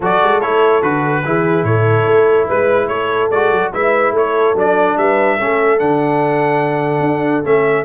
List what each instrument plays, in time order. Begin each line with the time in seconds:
0.00 tuba F#3, trombone F#4, horn A4, trumpet D5
0.22 tuba G#3
0.40 tuba A3, trombone E4, trumpet C#5
0.82 tuba D3, trombone F#4, trumpet B4
1.25 tuba E3, trombone E4, horn G#4
1.63 tuba A2, horn A4, trumpet C#5
2.06 tuba A3
2.47 tuba G#3, horn B4, trumpet B4
2.88 tuba A3, horn A4, trumpet C#5
3.30 tuba G#3, trombone F#4, trumpet D5
3.51 tuba F#3
3.73 tuba G#3, trombone E4, horn B4, trumpet E5
4.12 tuba A3, horn A4, trumpet C#5
4.54 tuba F#3, trombone D4, trumpet D5
4.97 tuba G3, horn B4, trumpet E5
5.36 tuba A3, trombone C#4, horn A4
5.78 tuba D3, trombone D4, trumpet F#5
7.00 tuba D4
7.44 tuba A3, trombone C#4, trumpet E5